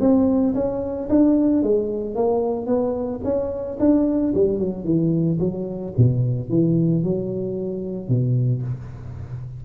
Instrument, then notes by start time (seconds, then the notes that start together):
tuba
0.00 C4
0.55 C#4
1.10 D4
1.63 G#3
2.15 A#3
2.67 B3
3.24 C#4
3.80 D4
4.35 G3
4.59 F#3
4.85 E3
5.40 F#3
5.97 B2
6.50 E3
7.04 F#3
8.09 B2